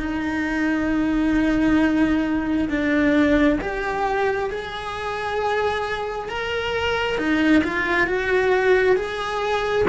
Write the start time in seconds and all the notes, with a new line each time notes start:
0.00 D#4
2.69 D4
3.61 G4
4.50 G#4
6.29 A#4
7.18 D#4
7.64 F4
8.07 F#4
8.96 G#4